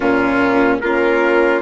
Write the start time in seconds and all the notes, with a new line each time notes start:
0.00 A#2 A#3 C#4 F4
0.80 A#3 C#4 F4 A#4